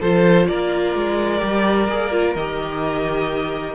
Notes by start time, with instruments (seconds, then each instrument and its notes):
0.00 cello F3, viola F4, violin A4 C5
0.47 cello A#3, violin A#4 D5
0.95 cello G#3
1.38 cello G3, viola G4
1.89 cello A#3, viola G#4
2.12 viola F4
2.35 cello D#3, viola G4, violin D#5